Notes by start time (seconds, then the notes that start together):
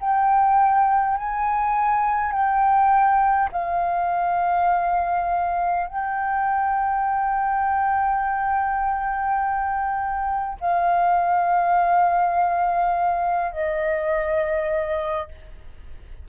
0.00 G5
1.17 G#5
2.32 G5
3.52 F5
5.87 G5
10.60 F5
13.52 D#5